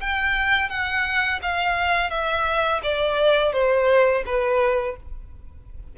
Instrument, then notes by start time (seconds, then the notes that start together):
violin
0.00 G5
0.69 F#5
1.42 F5
2.10 E5
2.83 D5
3.53 C5
4.25 B4